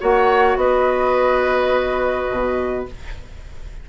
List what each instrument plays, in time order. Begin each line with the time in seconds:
0.00 bassoon A#3, clarinet F#4, oboe C#5, flute F#5
0.56 bassoon B3, oboe B4, flute D#5
2.30 bassoon B2